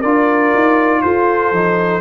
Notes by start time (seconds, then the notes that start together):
0.00 D4 F4 A#4 D5
0.54 D#4
1.02 F4 A4 C5
1.52 F3 D#4